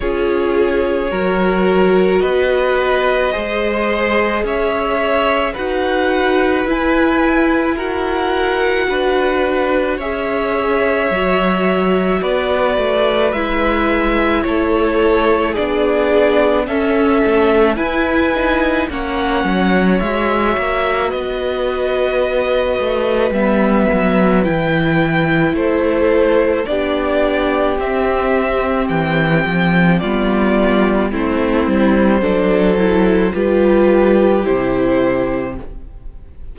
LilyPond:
<<
  \new Staff \with { instrumentName = "violin" } { \time 4/4 \tempo 4 = 54 cis''2 dis''2 | e''4 fis''4 gis''4 fis''4~ | fis''4 e''2 d''4 | e''4 cis''4 d''4 e''4 |
gis''4 fis''4 e''4 dis''4~ | dis''4 e''4 g''4 c''4 | d''4 e''4 g''4 d''4 | c''2 b'4 c''4 | }
  \new Staff \with { instrumentName = "violin" } { \time 4/4 gis'4 ais'4 b'4 c''4 | cis''4 b'2 ais'4 | b'4 cis''2 b'4~ | b'4 a'4 gis'4 a'4 |
b'4 cis''2 b'4~ | b'2. a'4 | g'2. f'4 | e'4 a'4 g'2 | }
  \new Staff \with { instrumentName = "viola" } { \time 4/4 f'4 fis'2 gis'4~ | gis'4 fis'4 e'4 fis'4~ | fis'4 gis'4 fis'2 | e'2 d'4 cis'4 |
e'8 dis'8 cis'4 fis'2~ | fis'4 b4 e'2 | d'4 c'2 b4 | c'4 d'8 e'8 f'4 e'4 | }
  \new Staff \with { instrumentName = "cello" } { \time 4/4 cis'4 fis4 b4 gis4 | cis'4 dis'4 e'2 | d'4 cis'4 fis4 b8 a8 | gis4 a4 b4 cis'8 a8 |
e'4 ais8 fis8 gis8 ais8 b4~ | b8 a8 g8 fis8 e4 a4 | b4 c'4 e8 f8 g4 | a8 g8 fis4 g4 c4 | }
>>